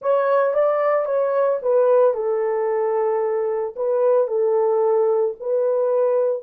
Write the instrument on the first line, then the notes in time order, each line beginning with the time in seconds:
horn
0.01 C#5
0.54 D5
1.05 C#5
1.62 B4
2.14 A4
3.76 B4
4.27 A4
5.40 B4